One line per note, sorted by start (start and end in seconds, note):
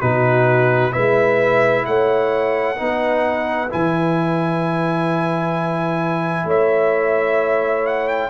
0.00 0.94 B2
0.00 0.91 D#4
0.00 0.92 F#4
0.00 0.92 B4
0.91 1.87 G#3
0.91 2.76 E4
0.91 1.84 B4
0.91 1.85 E5
1.85 2.79 A3
1.85 2.77 C#5
1.85 3.70 F#5
2.76 3.72 B3
2.76 3.69 D#4
2.76 6.46 B4
3.70 6.44 E3
3.70 8.30 E4
3.70 6.49 G#5
6.44 8.29 A3
6.44 8.30 C#5
6.44 7.86 E5
7.86 8.07 F#5
8.07 8.30 G5